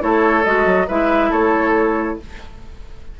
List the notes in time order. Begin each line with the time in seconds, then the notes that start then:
0.00 A3 E4 A4 C#5
0.44 G#3 F#4 D#5
0.65 F#3
0.87 G#3 E4 B4 E5
1.29 A3 A4 C#5